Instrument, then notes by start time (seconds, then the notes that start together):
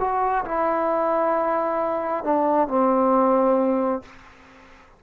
trombone
0.00 F#4
0.45 E4
2.25 D4
2.68 C4